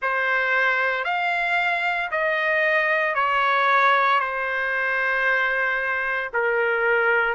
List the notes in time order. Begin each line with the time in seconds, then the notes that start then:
0.02 C5
1.04 F5
2.11 D#5
3.14 C#5
4.20 C5
6.33 A#4